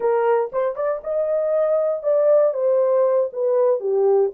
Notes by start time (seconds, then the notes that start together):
0.00 A#4
0.52 C5
0.75 D5
1.03 D#5
2.02 D5
2.53 C5
3.32 B4
3.80 G4